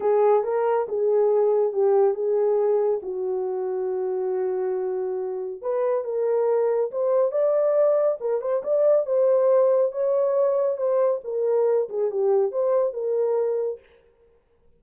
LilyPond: \new Staff \with { instrumentName = "horn" } { \time 4/4 \tempo 4 = 139 gis'4 ais'4 gis'2 | g'4 gis'2 fis'4~ | fis'1~ | fis'4 b'4 ais'2 |
c''4 d''2 ais'8 c''8 | d''4 c''2 cis''4~ | cis''4 c''4 ais'4. gis'8 | g'4 c''4 ais'2 | }